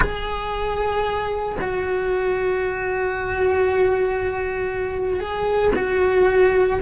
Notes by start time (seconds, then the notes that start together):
0.00 G#4
1.61 F#4
5.20 G#4
5.75 F#4